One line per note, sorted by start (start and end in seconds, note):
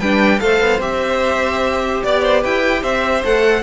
0.00 0.41 G3
0.00 0.40 D4
0.00 0.41 B4
0.00 0.40 G5
0.40 0.61 A3
0.40 0.80 A4
0.40 2.04 C5
0.40 0.80 F5
0.61 0.80 B3
0.80 2.01 C4
0.80 3.24 G4
0.80 2.03 E5
2.04 2.45 B3
2.04 2.44 D5
2.04 2.23 D5
2.23 2.41 C5
2.41 2.83 E4
2.41 2.81 B4
2.41 2.83 G5
2.82 3.23 C4
2.82 3.63 C5
2.82 3.24 E5
3.24 3.63 A3
3.24 3.63 A4
3.24 3.63 F#5